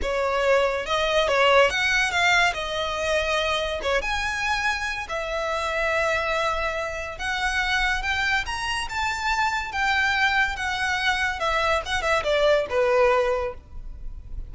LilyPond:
\new Staff \with { instrumentName = "violin" } { \time 4/4 \tempo 4 = 142 cis''2 dis''4 cis''4 | fis''4 f''4 dis''2~ | dis''4 cis''8 gis''2~ gis''8 | e''1~ |
e''4 fis''2 g''4 | ais''4 a''2 g''4~ | g''4 fis''2 e''4 | fis''8 e''8 d''4 b'2 | }